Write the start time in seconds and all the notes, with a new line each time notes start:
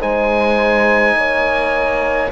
0.00 G#3 D#4 C5 G#5
1.15 A#3 C#5